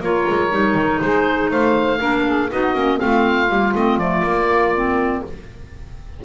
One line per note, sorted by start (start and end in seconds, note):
0.00 0.25 A#3
0.00 0.51 F4
0.00 1.00 A#4
0.00 1.01 C#5
0.30 0.51 G#3
0.51 0.75 G3
0.51 1.99 D#4
0.75 0.99 D#3
1.01 1.51 G#3
1.01 1.51 G#4
1.01 1.51 C5
1.51 2.00 A3
1.51 1.98 C5
1.51 2.51 F5
1.98 2.51 A#3
1.98 2.49 D4
1.98 2.23 A#4
2.27 2.49 G#4
2.49 2.74 B3
2.49 2.75 D#4
2.49 2.99 F#4
2.49 3.00 D#5
2.74 2.99 A#3
2.74 2.97 C#4
2.97 3.49 A3
2.97 3.47 C4
2.97 5.24 F4
2.97 3.74 F5
3.48 3.74 G3
3.48 3.73 A#3
3.75 3.98 A3
3.75 4.00 C4
3.75 3.99 D#5
3.98 4.22 F3
3.98 4.25 A3
3.98 5.23 D5
4.23 5.22 A#3
4.23 4.74 A#3
4.75 5.24 C4